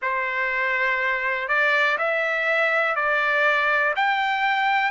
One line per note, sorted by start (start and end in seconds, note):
0.01 1.48 C5
1.48 1.97 D5
1.98 2.95 E5
2.95 3.93 D5
3.96 4.91 G5